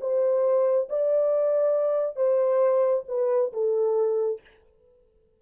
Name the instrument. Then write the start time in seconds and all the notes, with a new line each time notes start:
horn
0.00 C5
0.89 D5
2.15 C5
3.08 B4
3.52 A4